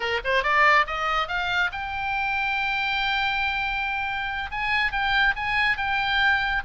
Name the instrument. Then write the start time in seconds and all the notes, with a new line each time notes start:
oboe
0.00 A#4
0.24 C5
0.43 D5
0.86 D#5
1.27 F5
1.72 G5
4.51 G#5
4.91 G5
5.36 G#5
5.77 G5